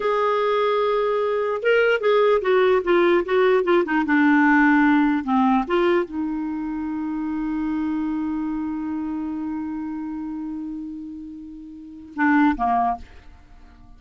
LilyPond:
\new Staff \with { instrumentName = "clarinet" } { \time 4/4 \tempo 4 = 148 gis'1 | ais'4 gis'4 fis'4 f'4 | fis'4 f'8 dis'8 d'2~ | d'4 c'4 f'4 dis'4~ |
dis'1~ | dis'1~ | dis'1~ | dis'2 d'4 ais4 | }